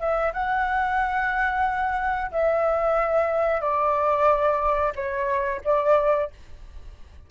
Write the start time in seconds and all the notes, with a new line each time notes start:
0.00 E5
0.34 F#5
2.32 E5
3.61 D5
4.96 C#5
5.65 D5